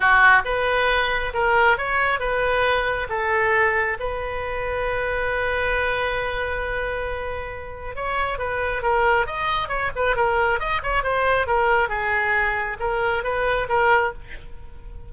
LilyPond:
\new Staff \with { instrumentName = "oboe" } { \time 4/4 \tempo 4 = 136 fis'4 b'2 ais'4 | cis''4 b'2 a'4~ | a'4 b'2.~ | b'1~ |
b'2 cis''4 b'4 | ais'4 dis''4 cis''8 b'8 ais'4 | dis''8 cis''8 c''4 ais'4 gis'4~ | gis'4 ais'4 b'4 ais'4 | }